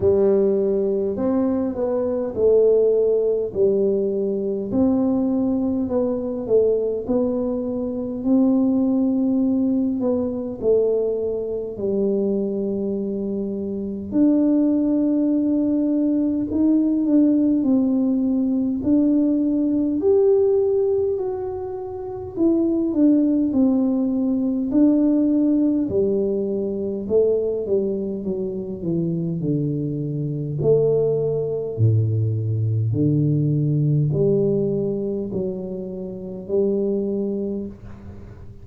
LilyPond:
\new Staff \with { instrumentName = "tuba" } { \time 4/4 \tempo 4 = 51 g4 c'8 b8 a4 g4 | c'4 b8 a8 b4 c'4~ | c'8 b8 a4 g2 | d'2 dis'8 d'8 c'4 |
d'4 g'4 fis'4 e'8 d'8 | c'4 d'4 g4 a8 g8 | fis8 e8 d4 a4 a,4 | d4 g4 fis4 g4 | }